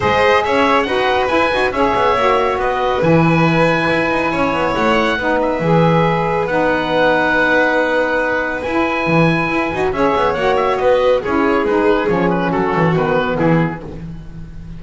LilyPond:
<<
  \new Staff \with { instrumentName = "oboe" } { \time 4/4 \tempo 4 = 139 dis''4 e''4 fis''4 gis''4 | e''2 dis''4 gis''4~ | gis''2. fis''4~ | fis''8 e''2~ e''8 fis''4~ |
fis''1 | gis''2. e''4 | fis''8 e''8 dis''4 cis''4 b'4 | cis''8 b'8 a'4 b'4 gis'4 | }
  \new Staff \with { instrumentName = "violin" } { \time 4/4 c''4 cis''4 b'2 | cis''2 b'2~ | b'2 cis''2 | b'1~ |
b'1~ | b'2. cis''4~ | cis''4 b'4 gis'2~ | gis'4 fis'2 e'4 | }
  \new Staff \with { instrumentName = "saxophone" } { \time 4/4 gis'2 fis'4 e'8 fis'8 | gis'4 fis'2 e'4~ | e'1 | dis'4 gis'2 dis'4~ |
dis'1 | e'2~ e'8 fis'8 gis'4 | fis'2 e'4 dis'4 | cis'2 b2 | }
  \new Staff \with { instrumentName = "double bass" } { \time 4/4 gis4 cis'4 dis'4 e'8 dis'8 | cis'8 b8 ais4 b4 e4~ | e4 e'8 dis'8 cis'8 b8 a4 | b4 e2 b4~ |
b1 | e'4 e4 e'8 dis'8 cis'8 b8 | ais4 b4 cis'4 gis4 | f4 fis8 e8 dis4 e4 | }
>>